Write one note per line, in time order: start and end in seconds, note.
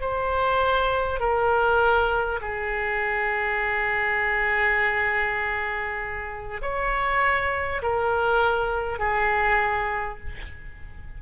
0.00 1.19 C5
1.19 2.39 A#4
2.41 6.61 G#4
6.61 7.81 C#5
7.82 8.99 A#4
8.99 10.19 G#4